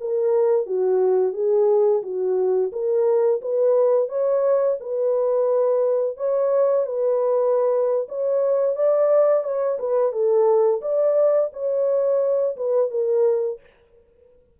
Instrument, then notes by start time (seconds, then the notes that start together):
horn
0.00 A#4
0.66 F#4
1.33 G#4
2.02 F#4
2.72 A#4
3.41 B4
4.08 C#5
4.80 B4
6.17 C#5
6.86 B4
8.08 C#5
8.76 D5
9.44 C#5
9.79 B4
10.12 A4
10.81 D5
11.53 C#5
12.56 B4
12.91 A#4